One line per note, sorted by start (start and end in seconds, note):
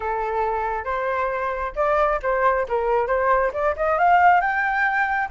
0.00 0.84 A4
0.84 1.72 C5
1.75 2.19 D5
2.22 2.66 C5
2.68 3.07 A#4
3.07 3.51 C5
3.53 3.75 D5
3.76 3.98 D#5
3.98 4.41 F5
4.41 5.29 G5